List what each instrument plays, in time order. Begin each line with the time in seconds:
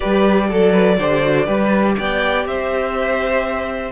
0.00 cello G3, viola G4, violin B4 D5
0.49 cello F#3, viola A4, violin A4
0.72 violin B4
0.98 cello D3, viola G4, violin C5
1.22 viola F#4
1.45 cello G3, viola G4, violin B4
1.96 cello B3, violin D5 G5
2.45 cello C4, violin C5 E5